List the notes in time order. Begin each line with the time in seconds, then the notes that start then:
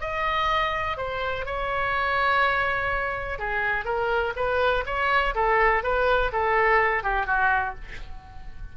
0.00 D#5
0.97 C5
1.45 C#5
3.38 G#4
3.85 A#4
4.35 B4
4.86 C#5
5.34 A4
5.83 B4
6.32 A4
7.03 G4
7.26 F#4